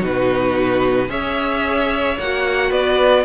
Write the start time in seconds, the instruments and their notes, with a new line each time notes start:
0.00 cello B2, viola D#4, violin F#4 B4
1.08 cello C#4, viola G#4, violin C#5 E5
2.18 cello A#3, viola F#4, violin F#5
2.69 cello B3, violin B4 D5